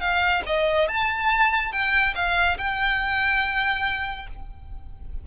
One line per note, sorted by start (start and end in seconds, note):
0.00 0.42 F5
0.46 0.88 D#5
0.88 1.72 A5
1.72 2.14 G5
2.15 2.57 F5
2.57 4.26 G5